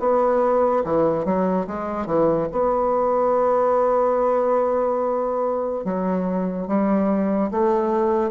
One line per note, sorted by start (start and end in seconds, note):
0.00 0.83 B3
0.84 1.25 E3
1.25 1.67 F#3
1.67 2.06 G#3
2.06 2.48 E3
2.52 5.85 B3
5.85 6.67 F#3
6.67 7.51 G3
7.51 8.31 A3